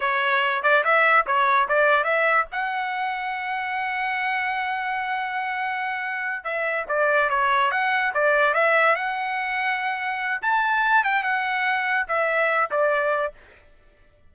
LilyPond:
\new Staff \with { instrumentName = "trumpet" } { \time 4/4 \tempo 4 = 144 cis''4. d''8 e''4 cis''4 | d''4 e''4 fis''2~ | fis''1~ | fis''2.~ fis''8 e''8~ |
e''8 d''4 cis''4 fis''4 d''8~ | d''8 e''4 fis''2~ fis''8~ | fis''4 a''4. g''8 fis''4~ | fis''4 e''4. d''4. | }